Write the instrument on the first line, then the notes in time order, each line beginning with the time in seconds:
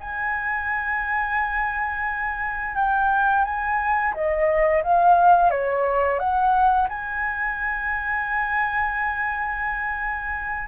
flute
0.00 G#5
2.75 G5
3.44 G#5
4.14 D#5
4.83 F5
5.50 C#5
6.19 F#5
6.88 G#5